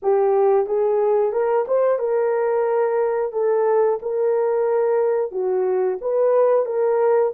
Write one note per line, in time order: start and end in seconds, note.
0.02 0.66 G4
0.66 1.32 G#4
1.32 1.65 A#4
1.67 1.98 C5
1.98 3.32 A#4
3.32 3.98 A4
4.02 5.31 A#4
5.31 5.98 F#4
6.01 6.65 B4
6.65 7.32 A#4